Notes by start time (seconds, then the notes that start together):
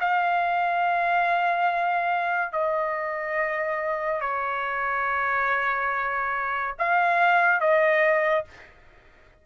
0.00 F5
2.52 D#5
4.21 C#5
6.79 F5
7.61 D#5